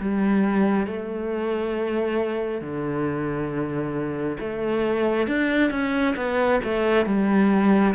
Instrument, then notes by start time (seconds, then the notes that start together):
cello
0.00 G3
0.87 A3
2.61 D3
4.40 A3
5.28 D4
5.71 C#4
6.16 B3
6.64 A3
7.06 G3